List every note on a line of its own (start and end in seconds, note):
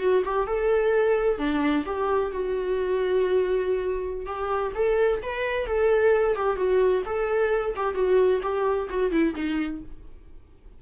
0.00 0.23 F#4
0.25 0.47 G4
0.47 1.39 A4
1.39 1.85 D4
1.86 2.32 G4
2.32 4.27 F#4
4.27 4.73 G4
4.75 5.22 A4
5.23 5.67 B4
5.67 6.36 A4
6.36 6.57 G4
6.57 7.03 F#4
7.06 7.75 A4
7.76 7.95 G4
7.95 8.41 F#4
8.43 8.89 G4
8.90 9.12 F#4
9.12 9.35 E4
9.36 9.82 D#4